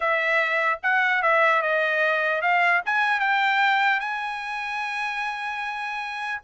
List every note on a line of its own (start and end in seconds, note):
0.00 0.79 E5
0.82 1.22 F#5
1.22 1.61 E5
1.61 2.41 D#5
2.41 2.81 F5
2.85 3.20 G#5
3.20 3.99 G5
3.99 6.41 G#5